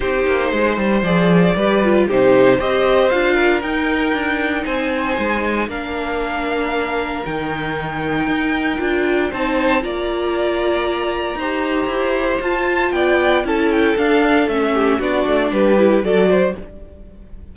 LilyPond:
<<
  \new Staff \with { instrumentName = "violin" } { \time 4/4 \tempo 4 = 116 c''2 d''2 | c''4 dis''4 f''4 g''4~ | g''4 gis''2 f''4~ | f''2 g''2~ |
g''2 a''4 ais''4~ | ais''1 | a''4 g''4 a''8 g''8 f''4 | e''4 d''4 b'4 d''4 | }
  \new Staff \with { instrumentName = "violin" } { \time 4/4 g'4 c''2 b'4 | g'4 c''4. ais'4.~ | ais'4 c''2 ais'4~ | ais'1~ |
ais'2 c''4 d''4~ | d''2 c''2~ | c''4 d''4 a'2~ | a'8 g'8 fis'4 g'4 a'8 c''8 | }
  \new Staff \with { instrumentName = "viola" } { \time 4/4 dis'2 gis'4 g'8 f'8 | dis'4 g'4 f'4 dis'4~ | dis'2. d'4~ | d'2 dis'2~ |
dis'4 f'4 dis'4 f'4~ | f'2 g'2 | f'2 e'4 d'4 | cis'4 d'4. e'8 fis'4 | }
  \new Staff \with { instrumentName = "cello" } { \time 4/4 c'8 ais8 gis8 g8 f4 g4 | c4 c'4 d'4 dis'4 | d'4 c'4 gis4 ais4~ | ais2 dis2 |
dis'4 d'4 c'4 ais4~ | ais2 dis'4 e'4 | f'4 b4 cis'4 d'4 | a4 b8 a8 g4 fis4 | }
>>